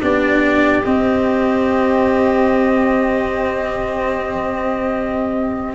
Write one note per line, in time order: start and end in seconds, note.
0.00 0.84 B3
0.00 0.82 D4
0.00 5.75 G4
0.00 0.84 D5
0.84 5.75 C4
0.84 5.75 D#5